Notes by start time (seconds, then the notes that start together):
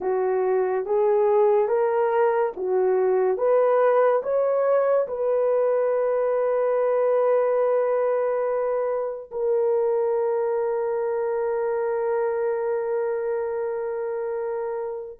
0.00 F#4
0.85 G#4
1.67 A#4
2.56 F#4
3.37 B4
4.23 C#5
5.07 B4
9.31 A#4